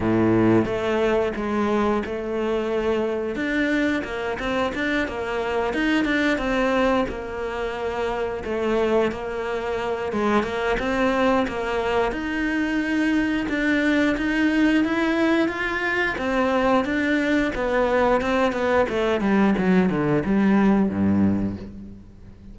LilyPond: \new Staff \with { instrumentName = "cello" } { \time 4/4 \tempo 4 = 89 a,4 a4 gis4 a4~ | a4 d'4 ais8 c'8 d'8 ais8~ | ais8 dis'8 d'8 c'4 ais4.~ | ais8 a4 ais4. gis8 ais8 |
c'4 ais4 dis'2 | d'4 dis'4 e'4 f'4 | c'4 d'4 b4 c'8 b8 | a8 g8 fis8 d8 g4 g,4 | }